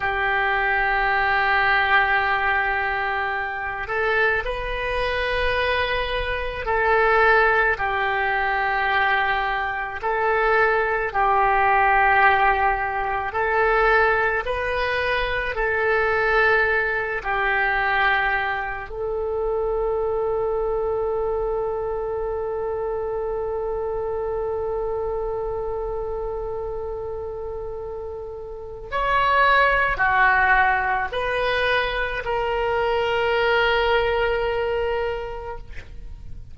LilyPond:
\new Staff \with { instrumentName = "oboe" } { \time 4/4 \tempo 4 = 54 g'2.~ g'8 a'8 | b'2 a'4 g'4~ | g'4 a'4 g'2 | a'4 b'4 a'4. g'8~ |
g'4 a'2.~ | a'1~ | a'2 cis''4 fis'4 | b'4 ais'2. | }